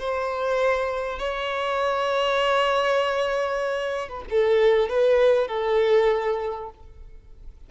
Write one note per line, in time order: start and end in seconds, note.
0.00 1.19 C5
1.19 4.09 C#5
4.09 4.25 B4
4.31 4.90 A4
4.90 5.48 B4
5.48 6.71 A4